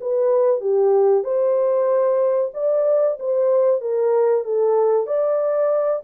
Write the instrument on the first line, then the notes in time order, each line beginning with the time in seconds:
horn
0.00 B4
0.60 G4
1.24 C5
2.54 D5
3.19 C5
3.81 A#4
4.44 A4
5.06 D5